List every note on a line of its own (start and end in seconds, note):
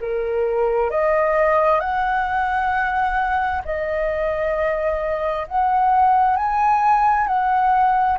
0.00 0.90 A#4
0.90 1.80 D#5
1.80 3.62 F#5
3.64 5.46 D#5
5.47 6.36 F#5
6.36 7.27 G#5
7.27 8.18 F#5